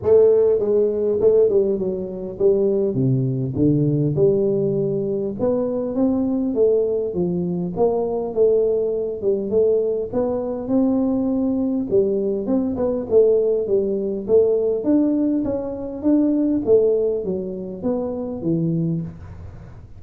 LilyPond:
\new Staff \with { instrumentName = "tuba" } { \time 4/4 \tempo 4 = 101 a4 gis4 a8 g8 fis4 | g4 c4 d4 g4~ | g4 b4 c'4 a4 | f4 ais4 a4. g8 |
a4 b4 c'2 | g4 c'8 b8 a4 g4 | a4 d'4 cis'4 d'4 | a4 fis4 b4 e4 | }